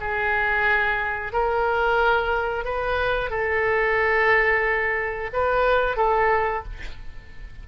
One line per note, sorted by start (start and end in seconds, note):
0.00 1.32 G#4
1.32 2.65 A#4
2.65 3.30 B4
3.30 5.30 A4
5.33 5.96 B4
5.96 6.63 A4